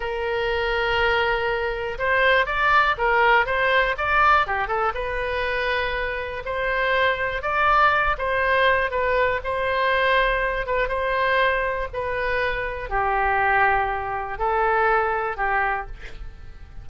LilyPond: \new Staff \with { instrumentName = "oboe" } { \time 4/4 \tempo 4 = 121 ais'1 | c''4 d''4 ais'4 c''4 | d''4 g'8 a'8 b'2~ | b'4 c''2 d''4~ |
d''8 c''4. b'4 c''4~ | c''4. b'8 c''2 | b'2 g'2~ | g'4 a'2 g'4 | }